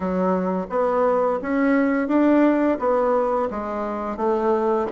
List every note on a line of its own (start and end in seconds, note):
0.00 0.66 F#3
0.69 1.39 B3
1.41 2.08 C#4
2.08 2.77 D4
2.79 3.49 B3
3.50 4.16 G#3
4.16 4.86 A3